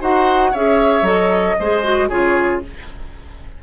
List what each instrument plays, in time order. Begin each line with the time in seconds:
0.00 bassoon D#4, clarinet F#4, oboe C5, flute F#5
0.51 bassoon C#4, clarinet G#4, oboe C#5, flute E5
1.02 bassoon F#3, clarinet A4, flute D#5
1.59 bassoon G#3, clarinet G#4, oboe C5
1.84 clarinet F#4
2.09 bassoon C#3, clarinet F4, oboe G#4, flute C#5